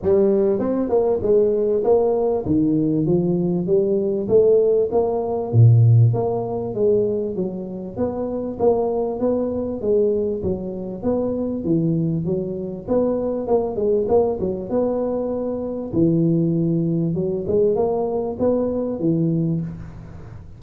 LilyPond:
\new Staff \with { instrumentName = "tuba" } { \time 4/4 \tempo 4 = 98 g4 c'8 ais8 gis4 ais4 | dis4 f4 g4 a4 | ais4 ais,4 ais4 gis4 | fis4 b4 ais4 b4 |
gis4 fis4 b4 e4 | fis4 b4 ais8 gis8 ais8 fis8 | b2 e2 | fis8 gis8 ais4 b4 e4 | }